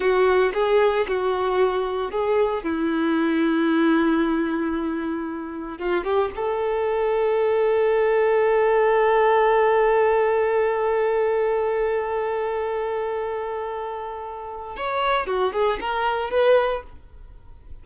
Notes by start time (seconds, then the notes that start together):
0.00 F#4
0.53 G#4
1.07 F#4
2.11 G#4
2.63 E4
5.78 F4
6.04 G4
6.35 A4
14.76 C#5
15.26 F#4
15.52 G#4
15.80 A#4
16.30 B4